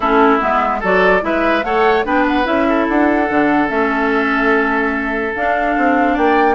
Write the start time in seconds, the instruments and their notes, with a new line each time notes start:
0.00 bassoon A3, clarinet C#4, oboe E4, flute A4
0.40 bassoon G#3, clarinet B3, flute E5
0.80 bassoon F#3, clarinet F#4, oboe A4, flute D5
1.21 bassoon G#3, clarinet E4, oboe B4, flute E5
1.63 bassoon A3, clarinet A4, oboe C#5, flute F#5
2.05 bassoon B3, clarinet D4, oboe B4, flute G5
2.27 flute F#5
2.43 bassoon C#4, clarinet E4, flute E5
2.68 oboe A4
2.88 bassoon D4, flute F#5
3.29 bassoon D3, clarinet D4
3.67 bassoon A3, clarinet C#4, flute E5
5.35 bassoon D4, clarinet D4, flute F5
5.77 bassoon C4
6.13 bassoon A#3, oboe D5, flute G5